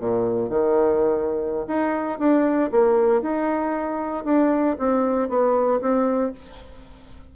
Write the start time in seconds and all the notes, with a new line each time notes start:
0.00 A#2
0.50 D#3
1.67 D#4
2.19 D4
2.72 A#3
3.22 D#4
4.25 D4
4.79 C4
5.29 B3
5.81 C4